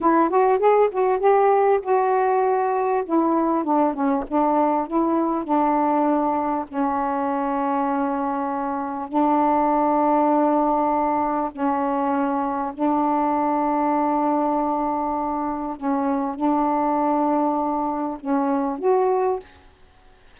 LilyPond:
\new Staff \with { instrumentName = "saxophone" } { \time 4/4 \tempo 4 = 99 e'8 fis'8 gis'8 fis'8 g'4 fis'4~ | fis'4 e'4 d'8 cis'8 d'4 | e'4 d'2 cis'4~ | cis'2. d'4~ |
d'2. cis'4~ | cis'4 d'2.~ | d'2 cis'4 d'4~ | d'2 cis'4 fis'4 | }